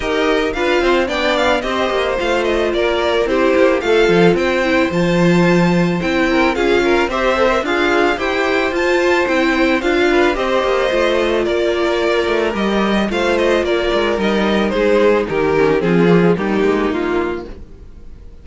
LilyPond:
<<
  \new Staff \with { instrumentName = "violin" } { \time 4/4 \tempo 4 = 110 dis''4 f''4 g''8 f''8 dis''4 | f''8 dis''8 d''4 c''4 f''4 | g''4 a''2 g''4 | f''4 e''4 f''4 g''4 |
a''4 g''4 f''4 dis''4~ | dis''4 d''2 dis''4 | f''8 dis''8 d''4 dis''4 c''4 | ais'4 gis'4 g'4 f'4 | }
  \new Staff \with { instrumentName = "violin" } { \time 4/4 ais'4 b'8 c''8 d''4 c''4~ | c''4 ais'4 g'4 a'4 | c''2.~ c''8 ais'8 | gis'8 ais'8 c''4 f'4 c''4~ |
c''2~ c''8 b'8 c''4~ | c''4 ais'2. | c''4 ais'2 gis'4 | g'4 f'4 dis'2 | }
  \new Staff \with { instrumentName = "viola" } { \time 4/4 g'4 f'4 d'4 g'4 | f'2 e'4 f'4~ | f'8 e'8 f'2 e'4 | f'4 g'8 a'16 ais'16 gis'4 g'4 |
f'4 e'4 f'4 g'4 | f'2. g'4 | f'2 dis'2~ | dis'8 cis'8 c'8 ais16 gis16 ais2 | }
  \new Staff \with { instrumentName = "cello" } { \time 4/4 dis'4 d'8 c'8 b4 c'8 ais8 | a4 ais4 c'8 ais8 a8 f8 | c'4 f2 c'4 | cis'4 c'4 d'4 e'4 |
f'4 c'4 d'4 c'8 ais8 | a4 ais4. a8 g4 | a4 ais8 gis8 g4 gis4 | dis4 f4 g8 gis8 ais4 | }
>>